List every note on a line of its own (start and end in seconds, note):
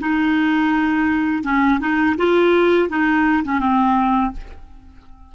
0.00 1.43 D#4
1.43 1.79 C#4
1.80 2.16 D#4
2.17 2.89 F4
2.89 3.43 D#4
3.44 3.59 C#4
3.59 4.31 C4